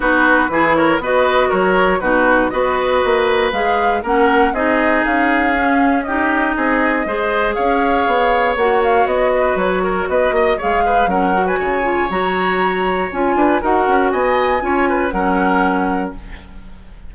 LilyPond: <<
  \new Staff \with { instrumentName = "flute" } { \time 4/4 \tempo 4 = 119 b'4. cis''8 dis''4 cis''4 | b'4 dis''2 f''4 | fis''4 dis''4 f''2 | dis''2. f''4~ |
f''4 fis''8 f''8 dis''4 cis''4 | dis''4 f''4 fis''8. gis''4~ gis''16 | ais''2 gis''4 fis''4 | gis''2 fis''2 | }
  \new Staff \with { instrumentName = "oboe" } { \time 4/4 fis'4 gis'8 ais'8 b'4 ais'4 | fis'4 b'2. | ais'4 gis'2. | g'4 gis'4 c''4 cis''4~ |
cis''2~ cis''8 b'4 ais'8 | b'8 dis''8 cis''8 b'8 ais'8. b'16 cis''4~ | cis''2~ cis''8 b'8 ais'4 | dis''4 cis''8 b'8 ais'2 | }
  \new Staff \with { instrumentName = "clarinet" } { \time 4/4 dis'4 e'4 fis'2 | dis'4 fis'2 gis'4 | cis'4 dis'2 cis'4 | dis'2 gis'2~ |
gis'4 fis'2.~ | fis'4 gis'4 cis'8 fis'4 f'8 | fis'2 f'4 fis'4~ | fis'4 f'4 cis'2 | }
  \new Staff \with { instrumentName = "bassoon" } { \time 4/4 b4 e4 b4 fis4 | b,4 b4 ais4 gis4 | ais4 c'4 cis'2~ | cis'4 c'4 gis4 cis'4 |
b4 ais4 b4 fis4 | b8 ais8 gis4 fis4 cis4 | fis2 cis'8 d'8 dis'8 cis'8 | b4 cis'4 fis2 | }
>>